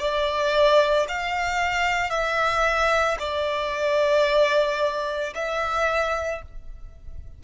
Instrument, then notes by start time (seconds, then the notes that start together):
violin
0.00 D5
1.09 F5
2.10 E5
3.19 D5
5.35 E5